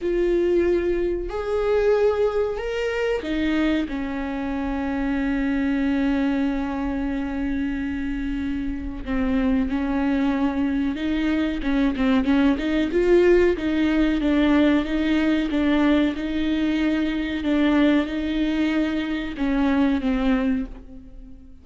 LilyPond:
\new Staff \with { instrumentName = "viola" } { \time 4/4 \tempo 4 = 93 f'2 gis'2 | ais'4 dis'4 cis'2~ | cis'1~ | cis'2 c'4 cis'4~ |
cis'4 dis'4 cis'8 c'8 cis'8 dis'8 | f'4 dis'4 d'4 dis'4 | d'4 dis'2 d'4 | dis'2 cis'4 c'4 | }